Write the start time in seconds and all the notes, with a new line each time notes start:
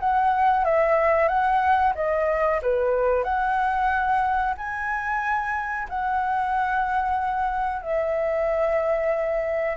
0.00 F#5
0.65 E5
1.28 F#5
1.95 D#5
2.62 B4
3.24 F#5
4.57 G#5
5.89 F#5
7.82 E5